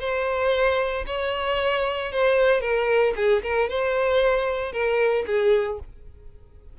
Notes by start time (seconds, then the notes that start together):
0.00 C5
1.07 C#5
2.12 C5
2.61 A#4
3.16 G#4
3.43 A#4
3.70 C5
4.73 A#4
5.27 G#4